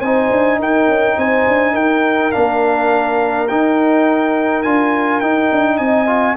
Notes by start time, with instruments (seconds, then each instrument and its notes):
0.00 tuba C4, trombone D#4, horn C5, trumpet G#5
0.30 tuba D4
0.59 tuba D#4, horn A#4, trumpet G5
0.88 tuba C#4
1.18 tuba C4, horn C5, trumpet G#5
1.47 tuba D4
1.73 tuba D#4, horn A#4, trumpet G5
2.32 tuba A#3, trombone D4, trumpet F5
3.48 trombone D#4, tuba D#4, trumpet G5
4.63 tuba D4, trombone F4, trumpet G#5
5.20 tuba D#4, trombone D#4, trumpet G5
5.52 tuba D4
5.77 tuba C4, horn D#5, trumpet G#5
6.07 trombone F4